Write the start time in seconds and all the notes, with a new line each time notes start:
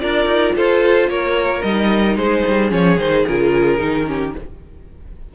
0.00 D4 F4 A#4 D5
0.26 D#4
0.56 F4 A4 C5
1.08 A#3 A#4 C#5
1.62 G3 D#4 D#5
2.16 G#3 G#4 C5
2.48 G3
2.69 F3 C#4 C#5
2.98 D#3 D#4 C5
3.27 C#3 F4 A#4
3.79 D#3 D#4
4.07 C#4 G4